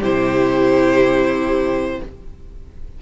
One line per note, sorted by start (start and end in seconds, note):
0.00 2.00 C3
0.00 2.01 E4
0.00 1.98 G4
0.00 2.02 C5